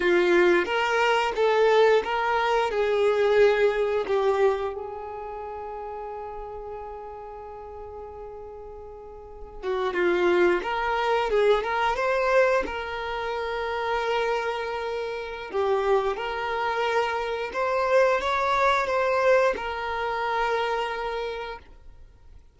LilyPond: \new Staff \with { instrumentName = "violin" } { \time 4/4 \tempo 4 = 89 f'4 ais'4 a'4 ais'4 | gis'2 g'4 gis'4~ | gis'1~ | gis'2~ gis'16 fis'8 f'4 ais'16~ |
ais'8. gis'8 ais'8 c''4 ais'4~ ais'16~ | ais'2. g'4 | ais'2 c''4 cis''4 | c''4 ais'2. | }